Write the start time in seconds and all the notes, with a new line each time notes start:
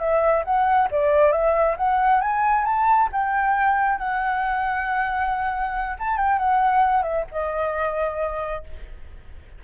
0.00 E5
0.45 F#5
0.92 D5
1.32 E5
1.78 F#5
2.21 G#5
2.65 A5
3.13 G5
3.98 F#5
5.99 A5
6.18 G5
6.39 F#5
7.03 E5
7.32 D#5